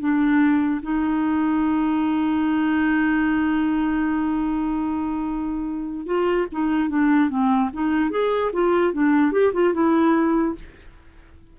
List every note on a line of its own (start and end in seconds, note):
0.00 0.81 D4
0.83 6.07 D#4
6.07 6.47 F4
6.52 6.90 D#4
6.90 7.30 D4
7.30 7.71 C4
7.74 8.11 D#4
8.11 8.52 G#4
8.53 8.94 F4
8.94 9.33 D4
9.33 9.53 G4
9.54 9.74 F4
9.74 10.55 E4